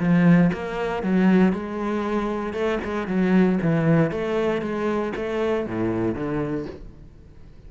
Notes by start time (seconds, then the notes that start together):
0.00 F3
0.53 A#3
1.03 F#3
1.53 G#3
2.54 A3
2.84 G#3
3.08 F#3
3.62 E3
4.12 A3
4.62 G#3
5.17 A3
5.67 A2
6.15 D3